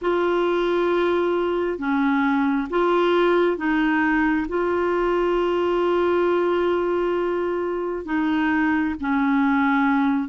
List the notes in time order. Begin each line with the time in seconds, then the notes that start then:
0.01 F4
1.78 C#4
2.69 F4
3.57 D#4
4.48 F4
8.05 D#4
9.00 C#4